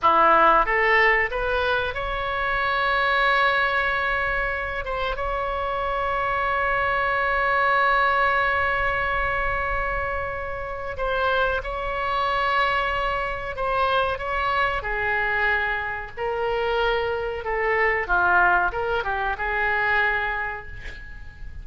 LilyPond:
\new Staff \with { instrumentName = "oboe" } { \time 4/4 \tempo 4 = 93 e'4 a'4 b'4 cis''4~ | cis''2.~ cis''8 c''8 | cis''1~ | cis''1~ |
cis''4 c''4 cis''2~ | cis''4 c''4 cis''4 gis'4~ | gis'4 ais'2 a'4 | f'4 ais'8 g'8 gis'2 | }